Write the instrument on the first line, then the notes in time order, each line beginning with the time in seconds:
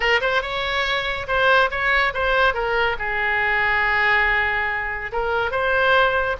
oboe
0.00 A#4
0.20 C5
0.42 C#5
1.27 C5
1.70 C#5
2.14 C5
2.54 A#4
2.99 G#4
5.11 A#4
5.51 C5